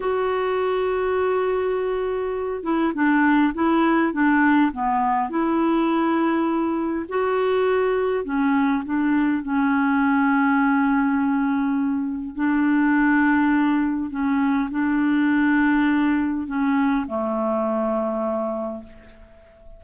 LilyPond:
\new Staff \with { instrumentName = "clarinet" } { \time 4/4 \tempo 4 = 102 fis'1~ | fis'8 e'8 d'4 e'4 d'4 | b4 e'2. | fis'2 cis'4 d'4 |
cis'1~ | cis'4 d'2. | cis'4 d'2. | cis'4 a2. | }